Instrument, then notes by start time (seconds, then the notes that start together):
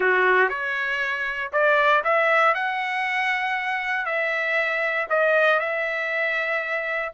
trumpet
0.00 F#4
0.49 C#5
1.52 D5
2.04 E5
2.54 F#5
4.05 E5
5.09 D#5
5.59 E5